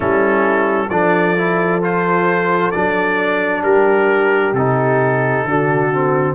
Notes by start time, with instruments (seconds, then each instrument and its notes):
0.00 tuba G3, trombone C#4, horn E4, trumpet A4
0.89 tuba F3, trombone D4, horn A4, trumpet D5
1.37 trombone E4
1.82 trombone F4, trumpet C5
2.71 tuba F#3, trombone D4, trumpet D5
3.62 tuba G3, horn G4, trumpet A#4
4.52 tuba C3, trombone D#4, trumpet A4
5.45 tuba D3, trombone D4, horn F#4
5.92 trombone C4